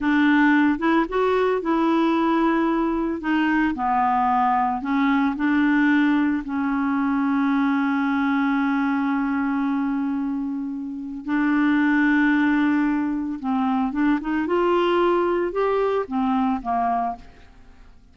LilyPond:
\new Staff \with { instrumentName = "clarinet" } { \time 4/4 \tempo 4 = 112 d'4. e'8 fis'4 e'4~ | e'2 dis'4 b4~ | b4 cis'4 d'2 | cis'1~ |
cis'1~ | cis'4 d'2.~ | d'4 c'4 d'8 dis'8 f'4~ | f'4 g'4 c'4 ais4 | }